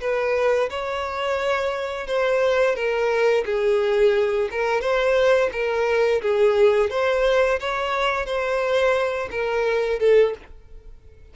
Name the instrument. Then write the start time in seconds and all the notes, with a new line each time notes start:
violin
0.00 B4
0.69 C#5
2.07 C5
2.75 A#4
3.45 G#4
4.51 A#4
4.81 C5
5.52 A#4
6.22 G#4
6.90 C5
7.59 C#5
8.25 C5
9.30 A#4
9.99 A4